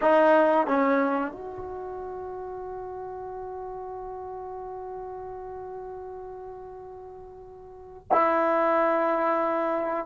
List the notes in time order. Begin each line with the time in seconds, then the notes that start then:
0.01 D#4
0.66 C#4
1.31 F#4
8.11 E4